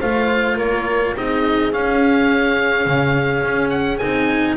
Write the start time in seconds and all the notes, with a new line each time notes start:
0.00 A3 F4 C5 F5
0.57 A#3 A#4 C#5
1.16 C4 D#4 G#4 D#5
1.73 C#4 F5
2.86 C#3
3.44 C#4
3.70 F#5
3.98 C4 D#4 G#5